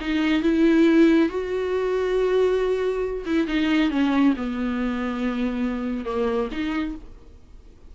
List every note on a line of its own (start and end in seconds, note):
0.00 0.42 D#4
0.42 1.29 E4
1.29 3.25 F#4
3.25 3.47 E4
3.47 3.90 D#4
3.90 4.34 C#4
4.36 6.05 B3
6.05 6.49 A#3
6.52 6.95 D#4